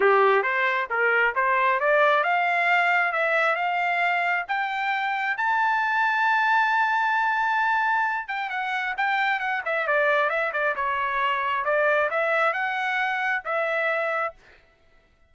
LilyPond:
\new Staff \with { instrumentName = "trumpet" } { \time 4/4 \tempo 4 = 134 g'4 c''4 ais'4 c''4 | d''4 f''2 e''4 | f''2 g''2 | a''1~ |
a''2~ a''8 g''8 fis''4 | g''4 fis''8 e''8 d''4 e''8 d''8 | cis''2 d''4 e''4 | fis''2 e''2 | }